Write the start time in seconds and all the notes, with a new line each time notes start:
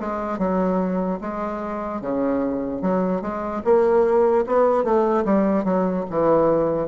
0.00 G#3
0.39 F#3
1.21 G#3
2.02 C#3
2.82 F#3
3.22 G#3
3.64 A#3
4.47 B3
4.84 A3
5.25 G3
5.64 F#3
6.10 E3